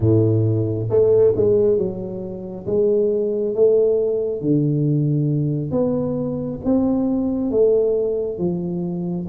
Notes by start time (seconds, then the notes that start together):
0.00 A2
0.89 A3
1.36 G#3
1.77 F#3
2.66 G#3
3.55 A3
4.41 D3
5.71 B3
6.64 C4
7.50 A3
8.38 F3